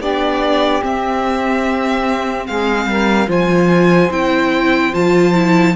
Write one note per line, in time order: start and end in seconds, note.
0.00 0.82 B3
0.00 0.81 D4
0.00 2.47 G4
0.00 0.84 D5
0.81 3.28 C4
0.81 2.48 C4
0.81 2.47 E5
2.47 2.86 G#3
2.47 2.88 G#4
2.47 3.29 F5
2.86 3.27 G3
2.86 3.28 A#4
3.28 4.10 F3
3.28 4.10 F4
3.28 5.75 C5
3.28 4.13 G#5
4.11 4.93 C4
4.11 4.93 E4
4.11 4.94 G5
4.93 5.76 F3
4.93 5.34 F4
4.93 5.76 A5
5.34 5.75 E4